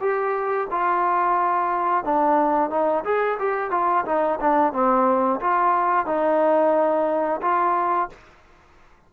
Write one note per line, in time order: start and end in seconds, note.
0.00 0.67 G4
0.70 2.04 F4
2.04 2.70 D4
2.70 3.03 D#4
3.04 3.38 G#4
3.39 3.70 G4
3.70 4.04 F4
4.05 4.39 D#4
4.40 4.72 D4
4.72 5.40 C4
5.40 6.06 F4
6.06 7.40 D#4
7.41 8.09 F4